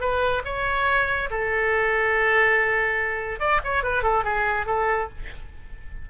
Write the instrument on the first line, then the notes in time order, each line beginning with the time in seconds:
oboe
0.00 B4
0.45 C#5
1.30 A4
3.39 D5
3.64 C#5
3.83 B4
4.02 A4
4.24 G#4
4.66 A4